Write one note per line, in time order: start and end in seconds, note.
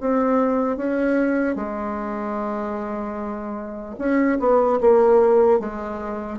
0.00 0.77 C4
0.77 1.56 C#4
1.56 3.96 G#3
3.98 4.38 C#4
4.39 4.79 B3
4.80 5.59 A#3
5.59 6.39 G#3